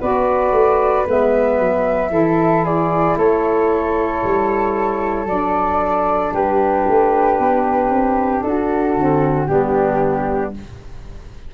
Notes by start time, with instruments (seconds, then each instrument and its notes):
0.00 tuba B3, saxophone F#4, flute B4 D5
0.52 tuba A3
1.06 tuba G#3, saxophone B3, flute E5
1.59 tuba F#3
2.09 tuba E3, saxophone E4, flute A4
2.64 flute G#4 D5
3.18 tuba A3, flute A4 C#5
4.23 tuba G3
5.25 tuba F#3, saxophone D4, flute D5
6.33 tuba G3, flute G4 B4
6.87 tuba A3
7.39 tuba B3
7.90 tuba C4
8.42 tuba D4, flute F#4 A4
8.96 tuba D3, saxophone C4
9.46 tuba G3, saxophone B3, flute D4 G4